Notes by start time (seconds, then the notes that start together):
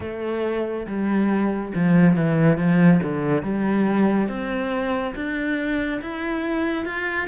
0.00 A3
0.87 G3
1.74 F3
2.15 E3
2.57 F3
3.02 D3
3.42 G3
4.28 C4
5.15 D4
6.01 E4
6.85 F4